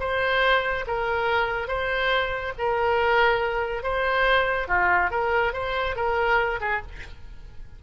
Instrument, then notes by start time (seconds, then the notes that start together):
oboe
0.00 C5
0.87 A#4
1.68 C5
2.58 A#4
3.83 C5
4.68 F4
5.11 A#4
5.53 C5
5.96 A#4
6.61 G#4